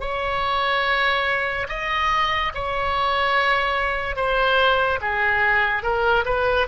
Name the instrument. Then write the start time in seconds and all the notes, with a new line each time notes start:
oboe
0.00 C#5
1.69 D#5
2.54 C#5
4.16 C5
5.01 G#4
5.82 A#4
6.25 B4